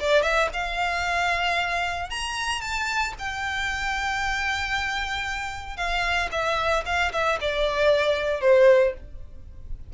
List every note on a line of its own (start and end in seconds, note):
0.00 0.22 D5
0.22 0.49 E5
0.53 2.10 F5
2.10 2.61 A#5
2.61 3.14 A5
3.18 5.77 G5
5.77 6.29 F5
6.31 6.84 E5
6.86 7.12 F5
7.12 7.39 E5
7.41 8.41 D5
8.41 8.93 C5